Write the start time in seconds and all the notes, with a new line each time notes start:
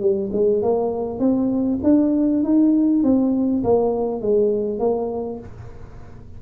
0.00 G3
0.32 G#3
0.62 A#3
1.19 C4
1.83 D4
2.43 D#4
3.03 C4
3.64 A#3
4.22 G#3
4.79 A#3